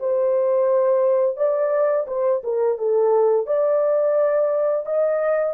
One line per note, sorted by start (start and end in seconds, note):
0.00 1.37 C5
1.37 2.07 D5
2.08 2.43 C5
2.44 2.78 A#4
2.78 3.47 A4
3.47 4.86 D5
4.86 5.54 D#5